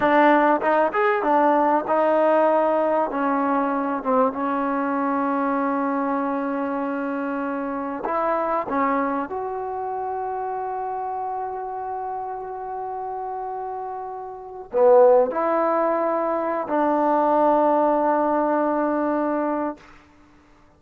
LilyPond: \new Staff \with { instrumentName = "trombone" } { \time 4/4 \tempo 4 = 97 d'4 dis'8 gis'8 d'4 dis'4~ | dis'4 cis'4. c'8 cis'4~ | cis'1~ | cis'4 e'4 cis'4 fis'4~ |
fis'1~ | fis'2.~ fis'8. b16~ | b8. e'2~ e'16 d'4~ | d'1 | }